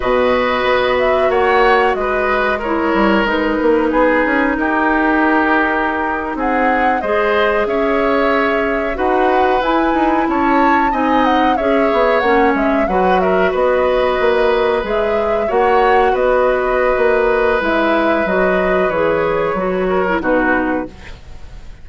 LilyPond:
<<
  \new Staff \with { instrumentName = "flute" } { \time 4/4 \tempo 4 = 92 dis''4. e''8 fis''4 dis''4 | cis''4 b'2 ais'4~ | ais'4.~ ais'16 fis''4 dis''4 e''16~ | e''4.~ e''16 fis''4 gis''4 a''16~ |
a''8. gis''8 fis''8 e''4 fis''8 e''8 fis''16~ | fis''16 e''8 dis''2 e''4 fis''16~ | fis''8. dis''2~ dis''16 e''4 | dis''4 cis''2 b'4 | }
  \new Staff \with { instrumentName = "oboe" } { \time 4/4 b'2 cis''4 b'4 | ais'2 gis'4 g'4~ | g'4.~ g'16 gis'4 c''4 cis''16~ | cis''4.~ cis''16 b'2 cis''16~ |
cis''8. dis''4 cis''2 b'16~ | b'16 ais'8 b'2. cis''16~ | cis''8. b'2.~ b'16~ | b'2~ b'8 ais'8 fis'4 | }
  \new Staff \with { instrumentName = "clarinet" } { \time 4/4 fis'1 | e'4 dis'2.~ | dis'2~ dis'8. gis'4~ gis'16~ | gis'4.~ gis'16 fis'4 e'4~ e'16~ |
e'8. dis'4 gis'4 cis'4 fis'16~ | fis'2~ fis'8. gis'4 fis'16~ | fis'2. e'4 | fis'4 gis'4 fis'8. e'16 dis'4 | }
  \new Staff \with { instrumentName = "bassoon" } { \time 4/4 b,4 b4 ais4 gis4~ | gis8 g8 gis8 ais8 b8 cis'8 dis'4~ | dis'4.~ dis'16 c'4 gis4 cis'16~ | cis'4.~ cis'16 dis'4 e'8 dis'8 cis'16~ |
cis'8. c'4 cis'8 b8 ais8 gis8 fis16~ | fis8. b4 ais4 gis4 ais16~ | ais8. b4~ b16 ais4 gis4 | fis4 e4 fis4 b,4 | }
>>